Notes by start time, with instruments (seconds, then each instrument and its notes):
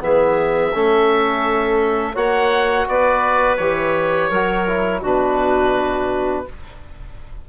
0.00 bassoon E3, trombone B3, clarinet G#4, oboe E5
0.74 bassoon A3, trombone C#4, clarinet A4
2.15 bassoon A#3, trombone F#4, clarinet C#5, oboe F#5
2.88 bassoon B3, clarinet B4, oboe D5
3.57 bassoon E3, trombone G4, oboe C#5
4.30 bassoon F#3, trombone F#4, clarinet A#4
4.68 trombone E4
5.01 bassoon B2, trombone D4, clarinet F#4, oboe B4